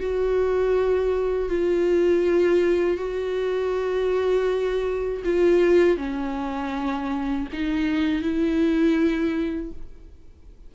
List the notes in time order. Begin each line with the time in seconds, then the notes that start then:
0.00 F#4
1.49 F4
2.97 F#4
5.24 F4
5.97 C#4
7.53 D#4
8.22 E4